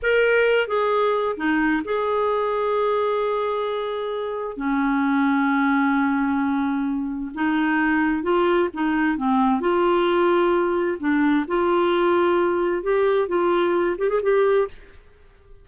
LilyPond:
\new Staff \with { instrumentName = "clarinet" } { \time 4/4 \tempo 4 = 131 ais'4. gis'4. dis'4 | gis'1~ | gis'2 cis'2~ | cis'1 |
dis'2 f'4 dis'4 | c'4 f'2. | d'4 f'2. | g'4 f'4. g'16 gis'16 g'4 | }